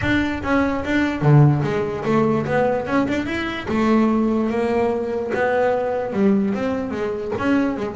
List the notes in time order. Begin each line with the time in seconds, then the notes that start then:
0.01 D4
0.43 C#4
0.84 D4
1.21 D3
1.63 G#3
2.04 A3
2.46 B3
2.86 C#4
3.07 D4
3.26 E4
3.68 A3
4.49 A#3
5.34 B3
6.13 G3
6.53 C4
6.91 G#3
7.38 C#4
7.76 G#3